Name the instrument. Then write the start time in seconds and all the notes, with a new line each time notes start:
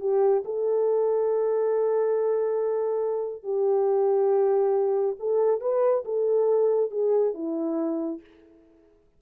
horn
0.00 G4
0.45 A4
3.43 G4
5.19 A4
5.61 B4
6.05 A4
6.91 G#4
7.34 E4